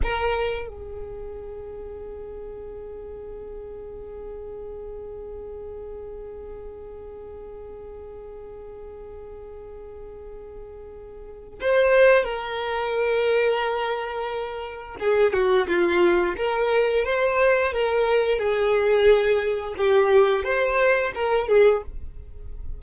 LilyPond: \new Staff \with { instrumentName = "violin" } { \time 4/4 \tempo 4 = 88 ais'4 gis'2.~ | gis'1~ | gis'1~ | gis'1~ |
gis'4 c''4 ais'2~ | ais'2 gis'8 fis'8 f'4 | ais'4 c''4 ais'4 gis'4~ | gis'4 g'4 c''4 ais'8 gis'8 | }